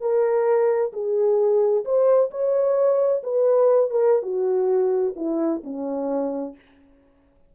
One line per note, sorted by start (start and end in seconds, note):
0.00 0.92 A#4
0.93 1.84 G#4
1.84 2.30 C5
2.31 3.22 C#5
3.23 3.90 B4
3.90 4.22 A#4
4.22 5.14 F#4
5.16 5.61 E4
5.63 6.55 C#4